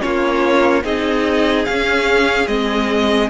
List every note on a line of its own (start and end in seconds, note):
0.00 0.83 A#3
0.00 0.82 C#4
0.00 0.84 F4
0.00 0.83 C#5
0.83 1.66 C4
0.83 1.66 D#4
0.83 3.30 G#4
0.83 1.65 D#5
1.65 2.48 C#4
1.65 2.47 C#4
1.65 2.47 F5
2.47 3.29 G#3
2.47 3.30 C4
2.47 3.29 D#5